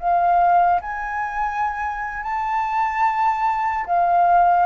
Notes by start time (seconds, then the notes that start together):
0.00 F5
0.81 G#5
2.24 A5
3.87 F5